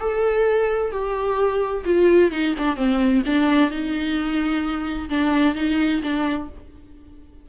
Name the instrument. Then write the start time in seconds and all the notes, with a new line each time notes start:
viola
0.00 A4
0.91 G4
1.85 F4
2.31 D#4
2.58 D4
2.76 C4
3.25 D4
3.70 D#4
5.09 D4
5.55 D#4
6.02 D4